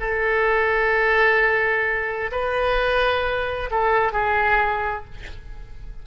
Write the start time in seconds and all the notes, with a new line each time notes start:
0.00 A4
2.32 B4
3.71 A4
4.13 G#4